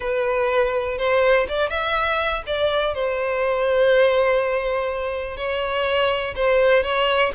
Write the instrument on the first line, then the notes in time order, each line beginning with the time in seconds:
violin
0.00 B4
0.98 C5
1.48 D5
1.69 E5
2.46 D5
2.94 C5
5.37 C#5
6.35 C5
6.83 C#5